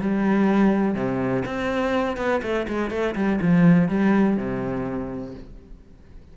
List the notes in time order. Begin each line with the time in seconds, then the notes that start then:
0.00 G3
0.95 C3
1.45 C4
2.17 B3
2.43 A3
2.68 G#3
2.90 A3
3.15 G3
3.41 F3
3.88 G3
4.37 C3